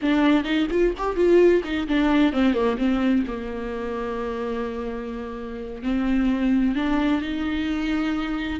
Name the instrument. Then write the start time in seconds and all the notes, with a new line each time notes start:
viola
0.01 D4
0.44 D#4
0.70 F4
0.97 G4
1.16 F4
1.64 D#4
1.87 D4
2.33 C4
2.53 A#3
2.77 C4
3.27 A#3
5.82 C4
6.75 D4
7.21 D#4